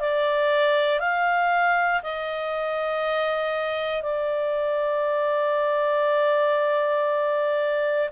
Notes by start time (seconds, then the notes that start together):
0.00 D5
0.99 F5
2.02 D#5
4.02 D5